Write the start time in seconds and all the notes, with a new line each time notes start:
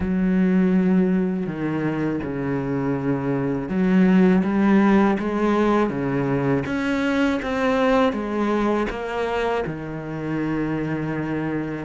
0.00 F#3
1.46 D#3
2.22 C#3
3.68 F#3
4.43 G3
5.19 G#3
5.89 C#3
6.66 C#4
7.42 C4
8.12 G#3
8.90 A#3
9.66 D#3